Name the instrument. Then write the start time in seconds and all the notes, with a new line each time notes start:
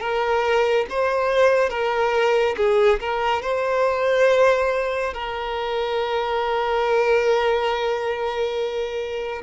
violin
0.00 A#4
0.90 C5
1.69 A#4
2.57 G#4
3.00 A#4
3.42 C5
5.14 A#4